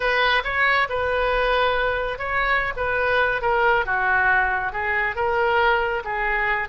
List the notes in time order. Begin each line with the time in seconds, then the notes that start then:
0.00 B4
0.44 C#5
0.89 B4
2.18 C#5
2.76 B4
3.41 A#4
3.85 F#4
4.72 G#4
5.15 A#4
6.04 G#4